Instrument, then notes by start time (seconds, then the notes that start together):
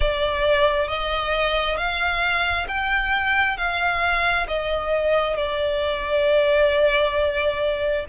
violin
0.00 D5
0.88 D#5
1.77 F5
2.67 G5
3.57 F5
4.47 D#5
5.36 D5